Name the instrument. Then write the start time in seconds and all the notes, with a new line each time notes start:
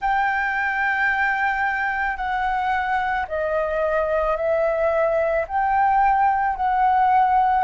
flute
0.00 G5
2.17 F#5
3.27 D#5
4.36 E5
5.47 G5
6.56 F#5